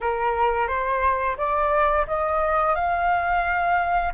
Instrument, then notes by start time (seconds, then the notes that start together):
flute
0.01 A#4
0.67 C5
1.37 D5
2.07 D#5
2.75 F5